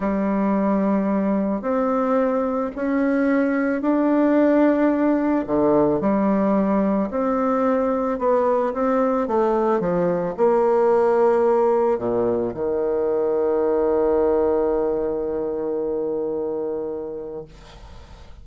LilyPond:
\new Staff \with { instrumentName = "bassoon" } { \time 4/4 \tempo 4 = 110 g2. c'4~ | c'4 cis'2 d'4~ | d'2 d4 g4~ | g4 c'2 b4 |
c'4 a4 f4 ais4~ | ais2 ais,4 dis4~ | dis1~ | dis1 | }